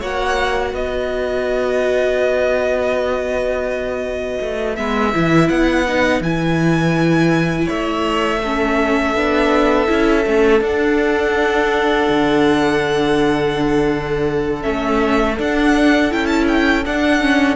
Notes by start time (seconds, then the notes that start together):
0.00 A#3 F#4 C#5 F#5
0.73 B3 B4 D#5
4.42 A3
4.76 G#3 B3 E5
5.13 E3 E4
5.49 B3 F#5
5.88 D#4
6.21 E3 E4 G#5
7.66 A3 C#5 E5
8.43 C#4 A4
9.15 B3 D4
9.87 C#4 E4
10.26 A3 C#4
10.61 D4 F#5
12.09 D3
14.62 A3 C#4 E5
15.38 D4 F#5
16.11 C#4 E4 G5
16.26 A5
16.48 G5
16.85 D4 F#5
17.21 C#4